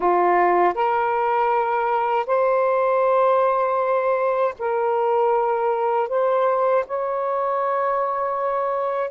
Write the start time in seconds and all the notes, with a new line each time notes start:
0.00 F4
0.74 A#4
2.26 C5
4.58 A#4
6.08 C5
6.86 C#5